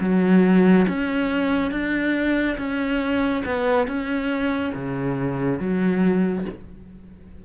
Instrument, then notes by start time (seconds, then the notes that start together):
cello
0.00 F#3
0.88 C#4
1.71 D4
2.58 C#4
3.45 B3
3.87 C#4
4.75 C#3
5.59 F#3